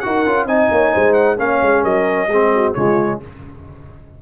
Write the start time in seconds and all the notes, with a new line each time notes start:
0.00 D#4 F#4 A#4 F#5
0.26 C#4 F4
0.46 C4 D#4 D#5 G#5
0.71 A#3 C#5
0.92 G#3 C5
1.13 F#5
1.37 A#3 C#4 C#5 F5
1.62 G#3
1.83 F#3 A#4 D#5
2.27 G#3 C4 G#4
2.55 F#4
2.74 C#3 G#3 F4 C#5